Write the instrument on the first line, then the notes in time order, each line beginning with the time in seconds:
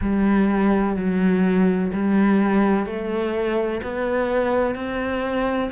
cello
0.01 G3
0.95 F#3
1.92 G3
2.86 A3
3.82 B3
4.74 C4